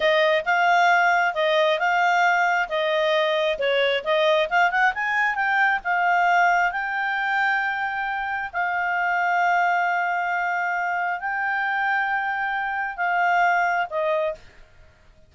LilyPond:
\new Staff \with { instrumentName = "clarinet" } { \time 4/4 \tempo 4 = 134 dis''4 f''2 dis''4 | f''2 dis''2 | cis''4 dis''4 f''8 fis''8 gis''4 | g''4 f''2 g''4~ |
g''2. f''4~ | f''1~ | f''4 g''2.~ | g''4 f''2 dis''4 | }